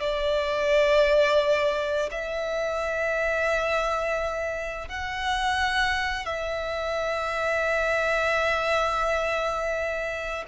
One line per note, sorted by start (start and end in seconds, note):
0.00 2.09 D5
2.11 4.88 E5
4.88 6.25 F#5
6.25 10.44 E5